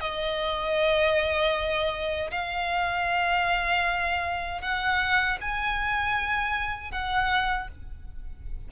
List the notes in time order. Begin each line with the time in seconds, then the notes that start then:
0.00 D#5
2.31 F5
4.61 F#5
5.41 G#5
6.91 F#5